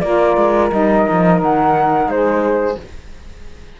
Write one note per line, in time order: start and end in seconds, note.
0.00 0.37 A#3
0.00 0.71 F4
0.00 2.10 A#4
0.00 0.69 D5
0.37 0.71 G#3
0.71 1.06 G3
0.71 2.78 D#4
0.71 1.41 D#5
1.10 1.42 F3
1.42 2.07 D#3
1.42 2.10 F#5
2.07 2.76 G#3
2.07 2.80 G#4
2.07 2.79 C5